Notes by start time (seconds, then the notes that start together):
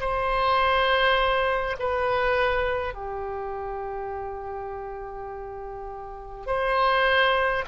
0.00 C5
1.80 B4
2.94 G4
6.47 C5